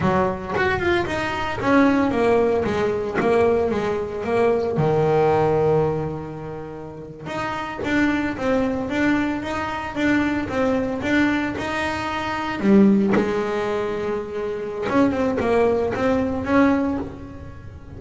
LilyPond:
\new Staff \with { instrumentName = "double bass" } { \time 4/4 \tempo 4 = 113 fis4 fis'8 f'8 dis'4 cis'4 | ais4 gis4 ais4 gis4 | ais4 dis2.~ | dis4.~ dis16 dis'4 d'4 c'16~ |
c'8. d'4 dis'4 d'4 c'16~ | c'8. d'4 dis'2 g16~ | g8. gis2.~ gis16 | cis'8 c'8 ais4 c'4 cis'4 | }